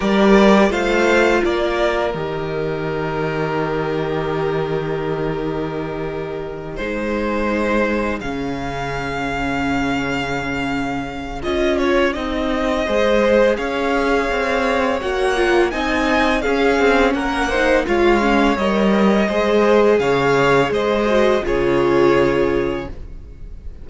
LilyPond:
<<
  \new Staff \with { instrumentName = "violin" } { \time 4/4 \tempo 4 = 84 d''4 f''4 d''4 dis''4~ | dis''1~ | dis''4. c''2 f''8~ | f''1 |
dis''8 cis''8 dis''2 f''4~ | f''4 fis''4 gis''4 f''4 | fis''4 f''4 dis''2 | f''4 dis''4 cis''2 | }
  \new Staff \with { instrumentName = "violin" } { \time 4/4 ais'4 c''4 ais'2~ | ais'1~ | ais'4. gis'2~ gis'8~ | gis'1~ |
gis'2 c''4 cis''4~ | cis''2 dis''4 gis'4 | ais'8 c''8 cis''2 c''4 | cis''4 c''4 gis'2 | }
  \new Staff \with { instrumentName = "viola" } { \time 4/4 g'4 f'2 g'4~ | g'1~ | g'4. dis'2 cis'8~ | cis'1 |
f'4 dis'4 gis'2~ | gis'4 fis'8 f'8 dis'4 cis'4~ | cis'8 dis'8 f'8 cis'8 ais'4 gis'4~ | gis'4. fis'8 f'2 | }
  \new Staff \with { instrumentName = "cello" } { \time 4/4 g4 a4 ais4 dis4~ | dis1~ | dis4. gis2 cis8~ | cis1 |
cis'4 c'4 gis4 cis'4 | c'4 ais4 c'4 cis'8 c'8 | ais4 gis4 g4 gis4 | cis4 gis4 cis2 | }
>>